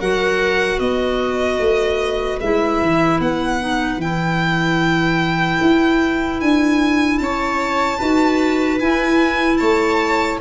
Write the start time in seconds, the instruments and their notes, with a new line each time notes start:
0.00 tuba F#3, clarinet F#4, viola A#4, violin F#5
0.79 tuba B3, viola B4, violin D#5
1.59 tuba A3
2.41 tuba G#3, clarinet E4, violin E5
2.82 tuba E3
3.19 tuba B3, violin F#5
3.60 clarinet D#4
3.97 tuba E3, clarinet E4, violin G5
5.61 tuba E4
6.41 tuba D4, violin G#5
7.18 tuba C#4, viola C#5, violin A5
7.98 tuba D#4, clarinet F#4, viola B4
8.79 clarinet E4, tuba E4, violin G#5
9.57 tuba A3, viola C#5, violin A5